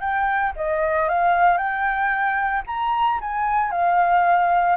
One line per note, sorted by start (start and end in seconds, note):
0.00 0.53 G5
0.56 1.08 D#5
1.09 1.57 F5
1.57 2.62 G5
2.67 3.19 A#5
3.21 3.71 G#5
3.71 4.76 F5